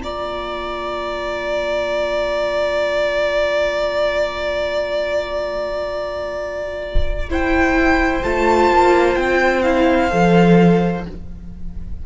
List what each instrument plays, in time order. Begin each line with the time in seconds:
0.00 cello A#3, viola F4, violin D5 A#5
7.30 viola E4, violin C5 G5
8.24 cello A3, viola F4, violin A5
8.71 cello A#3
9.16 cello C4, violin G5
9.63 viola E4, violin F5
10.11 cello F3, viola A4